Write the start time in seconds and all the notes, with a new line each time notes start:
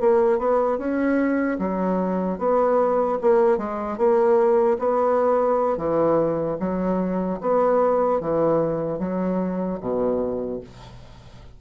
0.00 A#3
0.38 B3
0.78 C#4
1.59 F#3
2.38 B3
3.21 A#3
3.57 G#3
3.97 A#3
4.79 B3
5.77 E3
6.60 F#3
7.40 B3
8.20 E3
8.99 F#3
9.80 B2